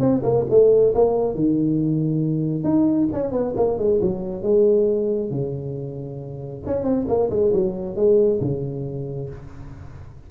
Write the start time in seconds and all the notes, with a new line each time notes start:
0.00 C4
0.23 A#3
0.50 A3
0.95 A#3
1.35 D#3
2.64 D#4
3.13 C#4
3.32 B3
3.56 A#3
3.78 G#3
4.02 F#3
4.43 G#3
5.31 C#3
6.67 C#4
6.84 C4
7.08 A#3
7.30 G#3
7.53 F#3
7.96 G#3
8.41 C#3